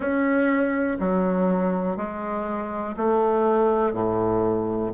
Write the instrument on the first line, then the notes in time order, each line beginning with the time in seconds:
bassoon
0.00 C#4
0.99 F#3
1.97 G#3
2.96 A3
3.93 A2